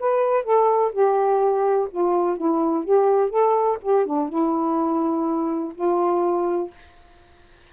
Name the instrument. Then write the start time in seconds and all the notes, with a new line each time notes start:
saxophone
0.00 B4
0.45 A4
0.93 G4
1.92 F4
2.37 E4
2.85 G4
3.30 A4
3.82 G4
4.06 D4
4.29 E4
5.75 F4